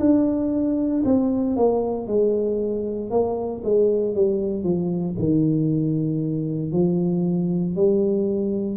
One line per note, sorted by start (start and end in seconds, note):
0.00 1.03 D4
1.05 1.57 C4
1.57 2.07 A#3
2.07 3.10 G#3
3.10 3.62 A#3
3.64 4.15 G#3
4.15 4.64 G3
4.64 5.16 F3
5.19 6.72 D#3
6.72 7.76 F3
7.76 8.77 G3